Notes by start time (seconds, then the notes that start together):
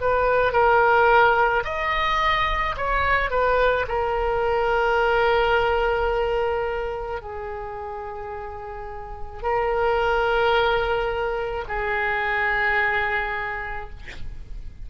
0.00 B4
0.52 A#4
1.64 D#5
2.77 C#5
3.30 B4
3.88 A#4
7.22 G#4
9.42 A#4
11.68 G#4